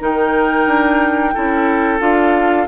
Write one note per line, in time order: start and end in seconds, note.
0.00 0.66 D#3
0.00 1.33 D#4
0.00 1.34 A#4
0.00 2.00 G5
0.66 1.32 D4
1.34 2.00 C#4
1.34 1.99 E4
1.34 2.67 A4
1.99 2.67 D4
1.99 2.66 F4
1.99 2.67 F5